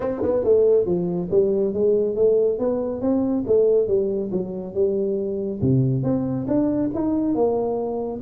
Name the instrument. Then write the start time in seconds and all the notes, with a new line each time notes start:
tuba
0.00 C4
0.22 B3
0.43 A3
0.85 F3
1.31 G3
1.73 G#3
2.15 A3
2.58 B3
3.01 C4
3.46 A3
3.87 G3
4.31 F#3
4.74 G3
5.61 C3
6.03 C4
6.47 D4
6.94 D#4
7.34 A#3